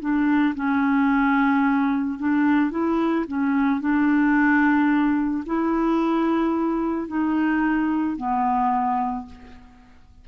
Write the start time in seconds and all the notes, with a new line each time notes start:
0.00 D4
0.55 C#4
2.19 D4
2.71 E4
3.28 C#4
3.80 D4
5.46 E4
7.08 D#4
8.17 B3